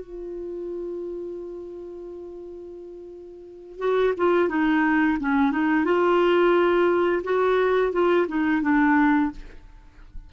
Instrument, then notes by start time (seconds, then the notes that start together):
clarinet
0.00 F4
3.79 F#4
4.17 F4
4.49 D#4
5.19 C#4
5.51 D#4
5.84 F4
7.23 F#4
7.92 F4
8.28 D#4
8.62 D4